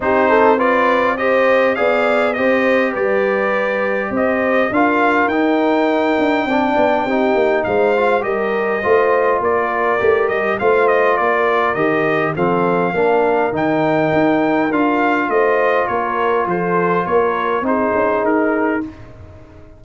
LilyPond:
<<
  \new Staff \with { instrumentName = "trumpet" } { \time 4/4 \tempo 4 = 102 c''4 d''4 dis''4 f''4 | dis''4 d''2 dis''4 | f''4 g''2.~ | g''4 f''4 dis''2 |
d''4. dis''8 f''8 dis''8 d''4 | dis''4 f''2 g''4~ | g''4 f''4 dis''4 cis''4 | c''4 cis''4 c''4 ais'4 | }
  \new Staff \with { instrumentName = "horn" } { \time 4/4 g'8 a'8 b'4 c''4 d''4 | c''4 b'2 c''4 | ais'2. d''4 | g'4 c''4 ais'4 c''4 |
ais'2 c''4 ais'4~ | ais'4 a'4 ais'2~ | ais'2 c''4 ais'4 | a'4 ais'4 gis'2 | }
  \new Staff \with { instrumentName = "trombone" } { \time 4/4 dis'4 f'4 g'4 gis'4 | g'1 | f'4 dis'2 d'4 | dis'4. f'8 g'4 f'4~ |
f'4 g'4 f'2 | g'4 c'4 d'4 dis'4~ | dis'4 f'2.~ | f'2 dis'2 | }
  \new Staff \with { instrumentName = "tuba" } { \time 4/4 c'2. b4 | c'4 g2 c'4 | d'4 dis'4. d'8 c'8 b8 | c'8 ais8 gis4 g4 a4 |
ais4 a8 g8 a4 ais4 | dis4 f4 ais4 dis4 | dis'4 d'4 a4 ais4 | f4 ais4 c'8 cis'8 dis'4 | }
>>